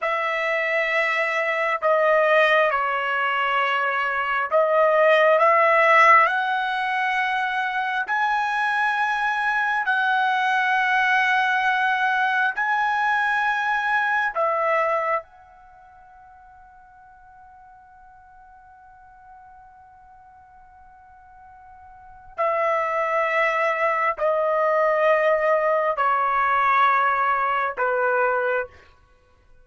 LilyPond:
\new Staff \with { instrumentName = "trumpet" } { \time 4/4 \tempo 4 = 67 e''2 dis''4 cis''4~ | cis''4 dis''4 e''4 fis''4~ | fis''4 gis''2 fis''4~ | fis''2 gis''2 |
e''4 fis''2.~ | fis''1~ | fis''4 e''2 dis''4~ | dis''4 cis''2 b'4 | }